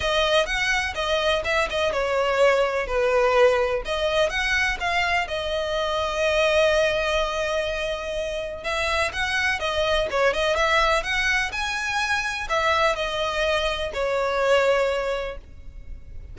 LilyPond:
\new Staff \with { instrumentName = "violin" } { \time 4/4 \tempo 4 = 125 dis''4 fis''4 dis''4 e''8 dis''8 | cis''2 b'2 | dis''4 fis''4 f''4 dis''4~ | dis''1~ |
dis''2 e''4 fis''4 | dis''4 cis''8 dis''8 e''4 fis''4 | gis''2 e''4 dis''4~ | dis''4 cis''2. | }